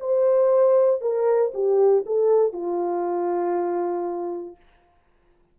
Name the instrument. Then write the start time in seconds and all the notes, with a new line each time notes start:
horn
0.00 C5
1.01 A#4
1.54 G4
2.06 A4
2.53 F4